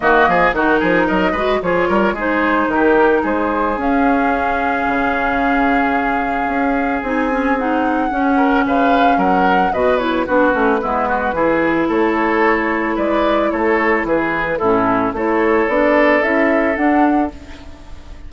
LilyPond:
<<
  \new Staff \with { instrumentName = "flute" } { \time 4/4 \tempo 4 = 111 dis''4 ais'4 dis''4 cis''4 | c''4 ais'4 c''4 f''4~ | f''1~ | f''4 gis''4 fis''2 |
f''4 fis''4 dis''8 cis''8 b'4~ | b'2 cis''2 | d''4 cis''4 b'4 a'4 | cis''4 d''4 e''4 fis''4 | }
  \new Staff \with { instrumentName = "oboe" } { \time 4/4 fis'8 gis'8 fis'8 gis'8 ais'8 b'8 gis'8 ais'8 | gis'4 g'4 gis'2~ | gis'1~ | gis'2.~ gis'8 ais'8 |
b'4 ais'4 b'4 fis'4 | e'8 fis'8 gis'4 a'2 | b'4 a'4 gis'4 e'4 | a'1 | }
  \new Staff \with { instrumentName = "clarinet" } { \time 4/4 ais4 dis'4. fis'8 f'4 | dis'2. cis'4~ | cis'1~ | cis'4 dis'8 cis'8 dis'4 cis'4~ |
cis'2 fis'8 e'8 d'8 cis'8 | b4 e'2.~ | e'2. cis'4 | e'4 d'4 e'4 d'4 | }
  \new Staff \with { instrumentName = "bassoon" } { \time 4/4 dis8 f8 dis8 f8 fis8 gis8 f8 g8 | gis4 dis4 gis4 cis'4~ | cis'4 cis2. | cis'4 c'2 cis'4 |
cis4 fis4 b,4 b8 a8 | gis4 e4 a2 | gis4 a4 e4 a,4 | a4 b4 cis'4 d'4 | }
>>